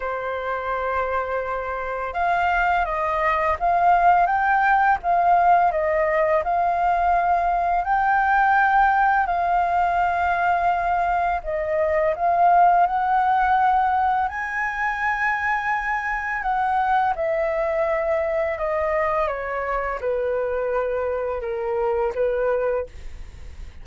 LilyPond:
\new Staff \with { instrumentName = "flute" } { \time 4/4 \tempo 4 = 84 c''2. f''4 | dis''4 f''4 g''4 f''4 | dis''4 f''2 g''4~ | g''4 f''2. |
dis''4 f''4 fis''2 | gis''2. fis''4 | e''2 dis''4 cis''4 | b'2 ais'4 b'4 | }